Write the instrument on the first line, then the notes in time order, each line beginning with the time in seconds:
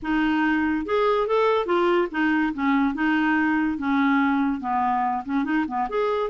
clarinet
0.02 D#4
0.85 G#4
1.27 A4
1.66 F4
2.11 D#4
2.53 C#4
2.94 D#4
3.78 C#4
4.60 B3
5.25 C#4
5.44 D#4
5.67 B3
5.89 G#4